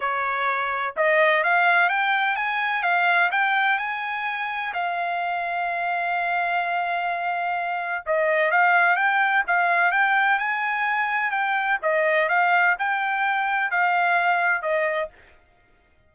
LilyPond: \new Staff \with { instrumentName = "trumpet" } { \time 4/4 \tempo 4 = 127 cis''2 dis''4 f''4 | g''4 gis''4 f''4 g''4 | gis''2 f''2~ | f''1~ |
f''4 dis''4 f''4 g''4 | f''4 g''4 gis''2 | g''4 dis''4 f''4 g''4~ | g''4 f''2 dis''4 | }